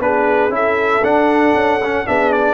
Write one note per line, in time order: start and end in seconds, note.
0.00 0.49 B3
0.00 0.51 D4
0.00 0.56 G#4
0.00 0.53 B4
0.49 1.01 C#4
0.49 1.02 E4
0.49 1.05 E5
0.56 2.08 A4
1.03 1.54 D4
1.03 1.81 D4
1.03 2.07 F#5
1.55 2.06 C#4
1.85 2.07 C#4
2.07 2.54 B3
2.07 2.54 D4
2.07 2.54 G#4
2.07 2.33 E5
2.33 2.54 D5